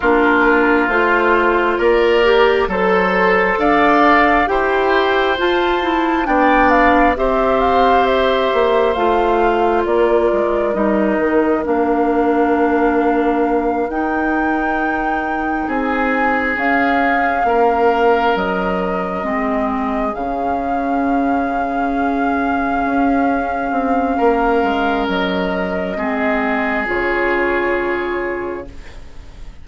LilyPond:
<<
  \new Staff \with { instrumentName = "flute" } { \time 4/4 \tempo 4 = 67 ais'4 c''4 d''4 c''4 | f''4 g''4 a''4 g''8 f''8 | e''8 f''8 e''4 f''4 d''4 | dis''4 f''2~ f''8 g''8~ |
g''4. gis''4 f''4.~ | f''8 dis''2 f''4.~ | f''1 | dis''2 cis''2 | }
  \new Staff \with { instrumentName = "oboe" } { \time 4/4 f'2 ais'4 a'4 | d''4 c''2 d''4 | c''2. ais'4~ | ais'1~ |
ais'4. gis'2 ais'8~ | ais'4. gis'2~ gis'8~ | gis'2. ais'4~ | ais'4 gis'2. | }
  \new Staff \with { instrumentName = "clarinet" } { \time 4/4 d'4 f'4. g'8 a'4~ | a'4 g'4 f'8 e'8 d'4 | g'2 f'2 | dis'4 d'2~ d'8 dis'8~ |
dis'2~ dis'8 cis'4.~ | cis'4. c'4 cis'4.~ | cis'1~ | cis'4 c'4 f'2 | }
  \new Staff \with { instrumentName = "bassoon" } { \time 4/4 ais4 a4 ais4 fis4 | d'4 e'4 f'4 b4 | c'4. ais8 a4 ais8 gis8 | g8 dis8 ais2~ ais8 dis'8~ |
dis'4. c'4 cis'4 ais8~ | ais8 fis4 gis4 cis4.~ | cis4. cis'4 c'8 ais8 gis8 | fis4 gis4 cis2 | }
>>